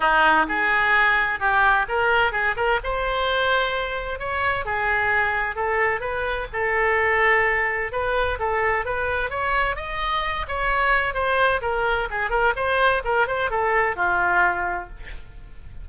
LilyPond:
\new Staff \with { instrumentName = "oboe" } { \time 4/4 \tempo 4 = 129 dis'4 gis'2 g'4 | ais'4 gis'8 ais'8 c''2~ | c''4 cis''4 gis'2 | a'4 b'4 a'2~ |
a'4 b'4 a'4 b'4 | cis''4 dis''4. cis''4. | c''4 ais'4 gis'8 ais'8 c''4 | ais'8 c''8 a'4 f'2 | }